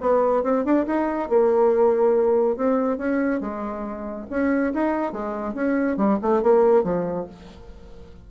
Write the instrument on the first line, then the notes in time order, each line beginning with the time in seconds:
bassoon
0.00 B3
0.43 C4
0.64 D4
0.86 D#4
1.29 A#3
2.56 C4
2.97 C#4
3.40 G#3
4.30 C#4
4.73 D#4
5.12 G#3
5.53 C#4
5.96 G3
6.22 A3
6.42 A#3
6.83 F3